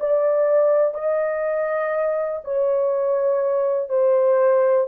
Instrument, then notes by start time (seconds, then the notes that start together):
horn
0.00 D5
0.94 D#5
2.45 C#5
3.89 C5